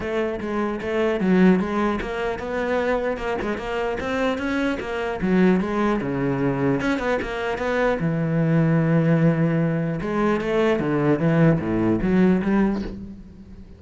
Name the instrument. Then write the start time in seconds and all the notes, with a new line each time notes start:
cello
0.00 A3
0.40 G#3
0.81 A3
1.20 F#3
1.59 G#3
2.01 A#3
2.39 B3
3.17 A#3
3.41 G#3
3.57 A#3
4.00 C4
4.38 C#4
4.80 A#3
5.21 F#3
5.60 G#3
6.01 C#3
6.81 C#4
6.98 B3
7.21 A#3
7.58 B3
8.00 E3
10.01 G#3
10.41 A3
10.79 D3
11.19 E3
11.59 A2
12.01 F#3
12.42 G3